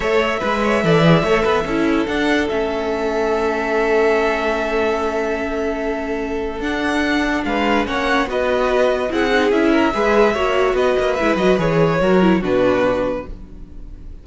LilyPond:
<<
  \new Staff \with { instrumentName = "violin" } { \time 4/4 \tempo 4 = 145 e''1~ | e''4 fis''4 e''2~ | e''1~ | e''1 |
fis''2 f''4 fis''4 | dis''2 fis''4 e''4~ | e''2 dis''4 e''8 dis''8 | cis''2 b'2 | }
  \new Staff \with { instrumentName = "violin" } { \time 4/4 cis''4 b'8 cis''8 d''4 cis''8 b'8 | a'1~ | a'1~ | a'1~ |
a'2 b'4 cis''4 | b'2 gis'4. ais'8 | b'4 cis''4 b'2~ | b'4 ais'4 fis'2 | }
  \new Staff \with { instrumentName = "viola" } { \time 4/4 a'4 b'4 a'8 gis'8 a'4 | e'4 d'4 cis'2~ | cis'1~ | cis'1 |
d'2. cis'4 | fis'2 e'8 dis'8 e'4 | gis'4 fis'2 e'8 fis'8 | gis'4 fis'8 e'8 d'2 | }
  \new Staff \with { instrumentName = "cello" } { \time 4/4 a4 gis4 e4 a8 b8 | cis'4 d'4 a2~ | a1~ | a1 |
d'2 gis4 ais4 | b2 c'4 cis'4 | gis4 ais4 b8 ais8 gis8 fis8 | e4 fis4 b,2 | }
>>